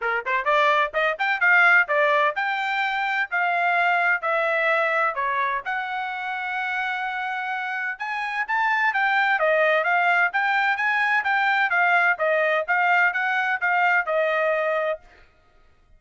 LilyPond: \new Staff \with { instrumentName = "trumpet" } { \time 4/4 \tempo 4 = 128 ais'8 c''8 d''4 dis''8 g''8 f''4 | d''4 g''2 f''4~ | f''4 e''2 cis''4 | fis''1~ |
fis''4 gis''4 a''4 g''4 | dis''4 f''4 g''4 gis''4 | g''4 f''4 dis''4 f''4 | fis''4 f''4 dis''2 | }